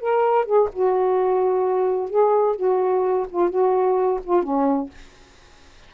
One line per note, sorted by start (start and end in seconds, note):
0.00 0.45 A#4
0.45 0.69 G#4
0.73 2.09 F#4
2.09 2.56 G#4
2.56 3.26 F#4
3.29 3.49 F4
3.49 4.20 F#4
4.24 4.43 F4
4.43 4.90 C#4